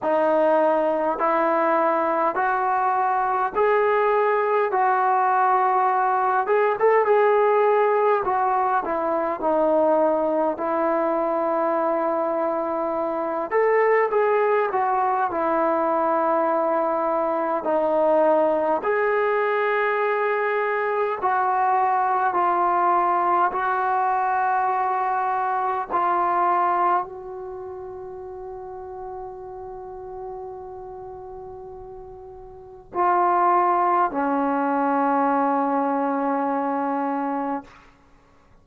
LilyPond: \new Staff \with { instrumentName = "trombone" } { \time 4/4 \tempo 4 = 51 dis'4 e'4 fis'4 gis'4 | fis'4. gis'16 a'16 gis'4 fis'8 e'8 | dis'4 e'2~ e'8 a'8 | gis'8 fis'8 e'2 dis'4 |
gis'2 fis'4 f'4 | fis'2 f'4 fis'4~ | fis'1 | f'4 cis'2. | }